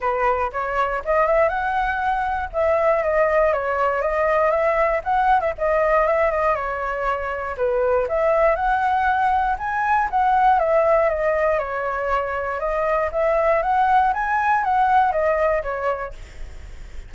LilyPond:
\new Staff \with { instrumentName = "flute" } { \time 4/4 \tempo 4 = 119 b'4 cis''4 dis''8 e''8 fis''4~ | fis''4 e''4 dis''4 cis''4 | dis''4 e''4 fis''8. e''16 dis''4 | e''8 dis''8 cis''2 b'4 |
e''4 fis''2 gis''4 | fis''4 e''4 dis''4 cis''4~ | cis''4 dis''4 e''4 fis''4 | gis''4 fis''4 dis''4 cis''4 | }